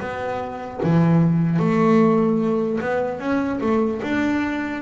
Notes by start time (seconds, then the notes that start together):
0.00 B3
0.83 E3
1.59 A3
2.80 B3
3.19 C#4
3.60 A3
4.02 D4